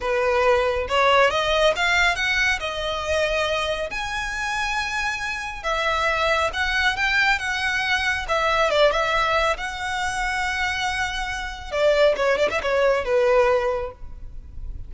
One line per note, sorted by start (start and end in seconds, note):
0.00 0.87 B4
0.88 1.30 C#5
1.30 1.73 D#5
1.76 2.15 F5
2.15 2.59 F#5
2.59 3.90 D#5
3.90 5.63 G#5
5.63 6.50 E5
6.53 6.96 F#5
6.96 7.39 G5
7.39 8.25 F#5
8.28 8.70 E5
8.70 8.91 D5
8.91 9.57 E5
9.57 11.71 F#5
11.71 12.15 D5
12.16 12.38 C#5
12.38 12.49 D5
12.50 12.61 E5
12.62 13.04 C#5
13.04 13.91 B4